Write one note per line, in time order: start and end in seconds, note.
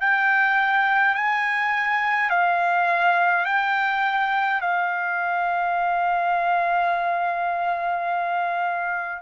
0.00 1.14 G5
1.14 2.30 G#5
2.30 3.45 F5
3.45 4.60 G5
4.60 9.22 F5